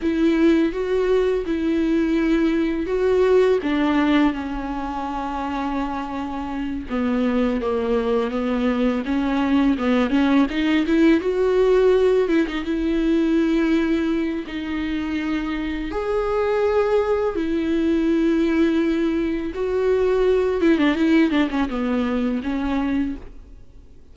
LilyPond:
\new Staff \with { instrumentName = "viola" } { \time 4/4 \tempo 4 = 83 e'4 fis'4 e'2 | fis'4 d'4 cis'2~ | cis'4. b4 ais4 b8~ | b8 cis'4 b8 cis'8 dis'8 e'8 fis'8~ |
fis'4 e'16 dis'16 e'2~ e'8 | dis'2 gis'2 | e'2. fis'4~ | fis'8 e'16 d'16 e'8 d'16 cis'16 b4 cis'4 | }